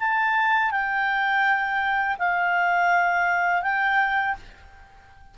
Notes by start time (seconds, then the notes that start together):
0.00 A5
0.71 G5
2.19 F5
3.62 G5